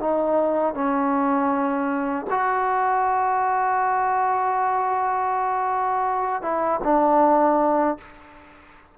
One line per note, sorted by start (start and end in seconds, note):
0.00 0.74 D#4
0.74 2.26 C#4
2.30 6.42 F#4
6.42 6.80 E4
6.84 7.98 D4